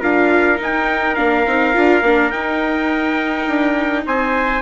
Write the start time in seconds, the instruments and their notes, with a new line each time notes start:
0.00 bassoon D4, viola F4, trumpet A#4 F5
0.57 viola D#4, bassoon D#4
0.63 trumpet G5
1.16 bassoon A#3, viola D4, trumpet F5
1.47 bassoon C4, viola D#4
1.74 bassoon D4, viola F4
2.02 bassoon A#3, viola D4
2.31 bassoon D#4, viola D#4, trumpet G5
3.48 bassoon D4
4.07 bassoon C4, trumpet C5 G#5